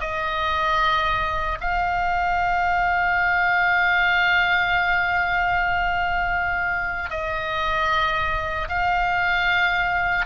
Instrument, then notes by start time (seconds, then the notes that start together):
oboe
0.00 D#5
1.60 F5
7.10 D#5
8.68 F5